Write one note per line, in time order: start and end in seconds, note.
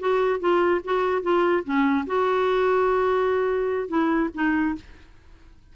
0.00 0.41 F#4
0.41 0.82 F4
0.85 1.23 F#4
1.23 1.64 F4
1.65 2.06 C#4
2.07 3.89 F#4
3.89 4.30 E4
4.35 4.76 D#4